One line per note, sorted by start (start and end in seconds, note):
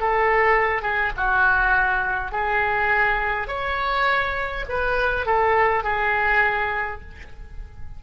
0.00 0.82 A4
0.82 1.12 G#4
1.17 2.32 F#4
2.32 3.48 G#4
3.48 4.65 C#5
4.69 5.26 B4
5.26 5.84 A4
5.84 7.02 G#4